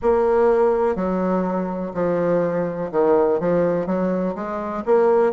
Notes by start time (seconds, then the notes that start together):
0.01 A#3
0.95 F#3
1.94 F3
2.91 D#3
3.40 F3
3.86 F#3
4.35 G#3
4.85 A#3